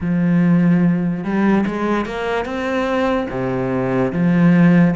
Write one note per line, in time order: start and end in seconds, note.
0.00 1.23 F3
1.23 1.64 G3
1.66 2.05 G#3
2.05 2.45 A#3
2.45 3.27 C4
3.30 4.12 C3
4.12 4.95 F3